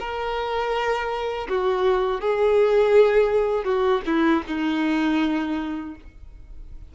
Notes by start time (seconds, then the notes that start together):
0.00 A#4
1.49 F#4
2.21 G#4
3.65 F#4
4.06 E4
4.48 D#4